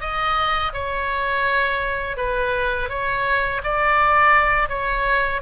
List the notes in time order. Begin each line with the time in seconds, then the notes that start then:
0.00 D#5
0.73 C#5
2.17 B4
2.89 C#5
3.63 D5
4.69 C#5